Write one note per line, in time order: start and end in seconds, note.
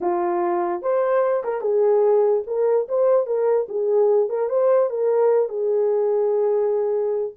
0.00 0.81 F4
0.81 1.43 C5
1.44 1.61 A#4
1.61 2.43 G#4
2.46 2.87 A#4
2.88 3.26 C5
3.26 3.67 A#4
3.68 4.29 G#4
4.29 4.49 A#4
4.49 4.89 C5
4.90 5.48 A#4
5.48 7.32 G#4